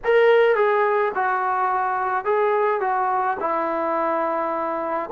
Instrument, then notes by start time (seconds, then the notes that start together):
trombone
0.04 A#4
0.55 G#4
1.14 F#4
2.25 G#4
2.80 F#4
3.40 E4